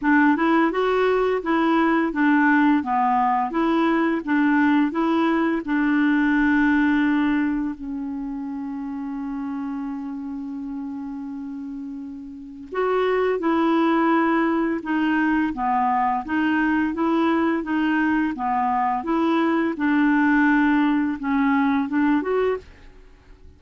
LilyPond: \new Staff \with { instrumentName = "clarinet" } { \time 4/4 \tempo 4 = 85 d'8 e'8 fis'4 e'4 d'4 | b4 e'4 d'4 e'4 | d'2. cis'4~ | cis'1~ |
cis'2 fis'4 e'4~ | e'4 dis'4 b4 dis'4 | e'4 dis'4 b4 e'4 | d'2 cis'4 d'8 fis'8 | }